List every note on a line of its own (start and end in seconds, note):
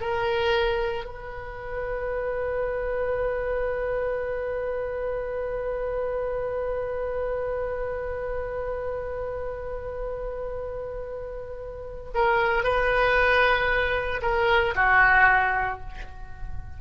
0.00 1.04 A#4
1.04 12.10 B4
12.14 12.63 A#4
12.63 14.21 B4
14.22 14.74 A#4
14.75 15.80 F#4